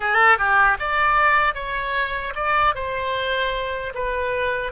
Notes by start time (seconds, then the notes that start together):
0.00 A4
0.38 G4
0.79 D5
1.54 C#5
2.35 D5
2.74 C5
3.94 B4